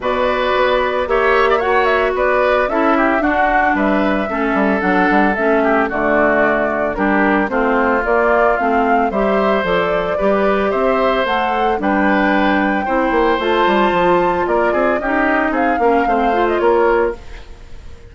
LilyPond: <<
  \new Staff \with { instrumentName = "flute" } { \time 4/4 \tempo 4 = 112 d''2 e''4 fis''8 e''8 | d''4 e''4 fis''4 e''4~ | e''4 fis''4 e''4 d''4~ | d''4 ais'4 c''4 d''4 |
f''4 e''4 d''2 | e''4 fis''4 g''2~ | g''4 a''2 d''4 | dis''4 f''4.~ f''16 dis''16 cis''4 | }
  \new Staff \with { instrumentName = "oboe" } { \time 4/4 b'2 cis''8. d''16 cis''4 | b'4 a'8 g'8 fis'4 b'4 | a'2~ a'8 g'8 fis'4~ | fis'4 g'4 f'2~ |
f'4 c''2 b'4 | c''2 b'2 | c''2. ais'8 gis'8 | g'4 gis'8 ais'8 c''4 ais'4 | }
  \new Staff \with { instrumentName = "clarinet" } { \time 4/4 fis'2 g'4 fis'4~ | fis'4 e'4 d'2 | cis'4 d'4 cis'4 a4~ | a4 d'4 c'4 ais4 |
c'4 g'4 a'4 g'4~ | g'4 a'4 d'2 | e'4 f'2. | dis'4. cis'8 c'8 f'4. | }
  \new Staff \with { instrumentName = "bassoon" } { \time 4/4 b,4 b4 ais2 | b4 cis'4 d'4 g4 | a8 g8 fis8 g8 a4 d4~ | d4 g4 a4 ais4 |
a4 g4 f4 g4 | c'4 a4 g2 | c'8 ais8 a8 g8 f4 ais8 c'8 | cis'4 c'8 ais8 a4 ais4 | }
>>